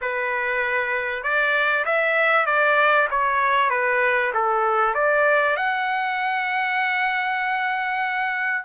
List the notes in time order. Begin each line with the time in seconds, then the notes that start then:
0.01 B4
1.23 D5
1.85 E5
2.46 D5
3.10 C#5
3.70 B4
4.34 A4
4.94 D5
5.56 F#5